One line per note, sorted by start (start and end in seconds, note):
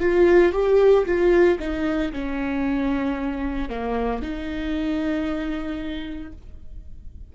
0.00 0.53 F4
0.53 1.05 G4
1.06 1.58 F4
1.59 2.12 D#4
2.12 3.69 C#4
3.69 4.22 A#3
4.22 6.33 D#4